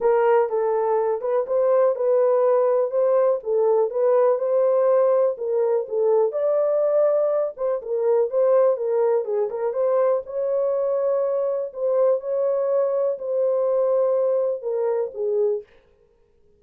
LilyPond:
\new Staff \with { instrumentName = "horn" } { \time 4/4 \tempo 4 = 123 ais'4 a'4. b'8 c''4 | b'2 c''4 a'4 | b'4 c''2 ais'4 | a'4 d''2~ d''8 c''8 |
ais'4 c''4 ais'4 gis'8 ais'8 | c''4 cis''2. | c''4 cis''2 c''4~ | c''2 ais'4 gis'4 | }